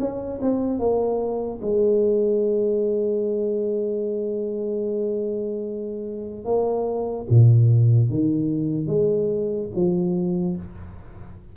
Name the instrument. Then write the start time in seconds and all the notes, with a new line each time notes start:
tuba
0.00 C#4
0.42 C4
0.79 A#3
1.62 G#3
6.45 A#3
7.30 A#2
8.10 D#3
8.87 G#3
9.76 F3